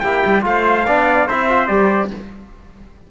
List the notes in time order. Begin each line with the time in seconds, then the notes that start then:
0.00 A#3 E4 G4 G5
0.26 G3
0.42 A3 F4 F5
0.49 C5
0.86 B3 D4 D5
1.27 C4 E4 C5 E5
1.50 F4
1.67 G3 G4 D5